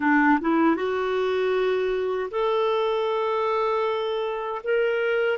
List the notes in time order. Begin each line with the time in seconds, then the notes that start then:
0.00 D4
0.41 E4
0.76 F#4
2.30 A4
4.63 A#4